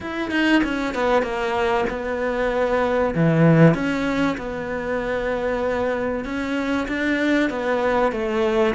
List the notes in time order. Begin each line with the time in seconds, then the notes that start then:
0.00 E4
0.31 D#4
0.63 C#4
0.94 B3
1.22 A#3
1.89 B3
3.14 E3
3.74 C#4
4.37 B3
6.24 C#4
6.88 D4
7.49 B3
8.11 A3